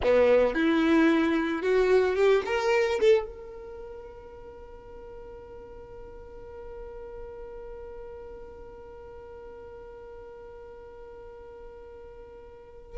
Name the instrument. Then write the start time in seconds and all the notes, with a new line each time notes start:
violin
0.03 B3
0.54 E4
1.62 F#4
2.15 G4
2.45 A#4
3.00 A4
3.25 A#4